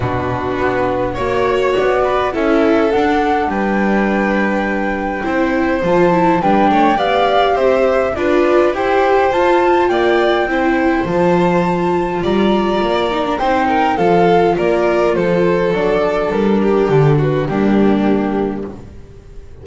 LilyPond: <<
  \new Staff \with { instrumentName = "flute" } { \time 4/4 \tempo 4 = 103 b'2 cis''4 d''4 | e''4 fis''4 g''2~ | g''2 a''4 g''4 | f''4 e''4 d''4 g''4 |
a''4 g''2 a''4~ | a''4 ais''2 g''4 | f''4 d''4 c''4 d''4 | ais'4 a'8 b'8 g'2 | }
  \new Staff \with { instrumentName = "violin" } { \time 4/4 fis'2 cis''4. b'8 | a'2 b'2~ | b'4 c''2 b'8 cis''8 | d''4 c''4 b'4 c''4~ |
c''4 d''4 c''2~ | c''4 d''2 c''8 ais'8 | a'4 ais'4 a'2~ | a'8 g'4 fis'8 d'2 | }
  \new Staff \with { instrumentName = "viola" } { \time 4/4 d'2 fis'2 | e'4 d'2.~ | d'4 e'4 f'8 e'8 d'4 | g'2 f'4 g'4 |
f'2 e'4 f'4~ | f'2~ f'8 dis'16 d'16 dis'4 | f'2. d'4~ | d'2 ais2 | }
  \new Staff \with { instrumentName = "double bass" } { \time 4/4 b,4 b4 ais4 b4 | cis'4 d'4 g2~ | g4 c'4 f4 g8 a8 | b4 c'4 d'4 e'4 |
f'4 ais4 c'4 f4~ | f4 g4 ais4 c'4 | f4 ais4 f4 fis4 | g4 d4 g2 | }
>>